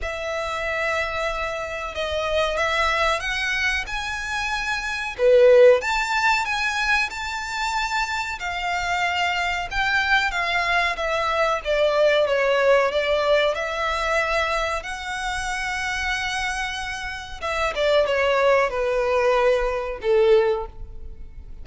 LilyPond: \new Staff \with { instrumentName = "violin" } { \time 4/4 \tempo 4 = 93 e''2. dis''4 | e''4 fis''4 gis''2 | b'4 a''4 gis''4 a''4~ | a''4 f''2 g''4 |
f''4 e''4 d''4 cis''4 | d''4 e''2 fis''4~ | fis''2. e''8 d''8 | cis''4 b'2 a'4 | }